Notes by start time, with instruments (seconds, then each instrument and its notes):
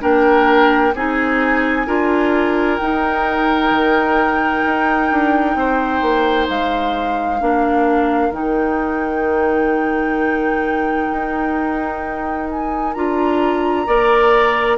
0.00 bassoon A#3, clarinet D4, oboe A#4, flute G5
0.94 bassoon C4, clarinet D#4, oboe G#4, flute G#5
1.87 bassoon D4, clarinet F4, oboe A#4
2.78 clarinet D#4, bassoon D#4, flute G5
3.71 bassoon D#3
4.65 bassoon D#4
5.11 bassoon D4
5.55 bassoon C4, oboe C5
6.02 bassoon A#3
6.49 bassoon G#3, flute F5
7.40 bassoon A#3, clarinet D4, oboe A#4
8.30 bassoon D#3, clarinet D#4, flute G5
11.12 bassoon D#4
12.50 flute G#5
12.94 bassoon D4, clarinet F4, flute A#5
13.86 bassoon A#3, clarinet A#4, oboe D5